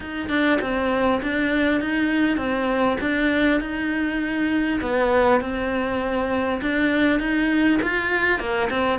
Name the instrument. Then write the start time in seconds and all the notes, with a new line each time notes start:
cello
0.00 D#4
0.29 D4
0.61 C4
1.22 D4
1.81 D#4
2.37 C4
3.01 D4
3.60 D#4
4.81 B3
5.41 C4
6.61 D4
7.19 D#4
7.82 F4
8.39 A#3
8.70 C4